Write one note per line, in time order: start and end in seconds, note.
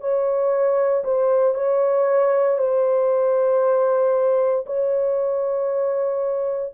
0.00 1.03 C#5
1.04 1.54 C5
1.54 2.58 C#5
2.58 4.65 C5
4.66 6.73 C#5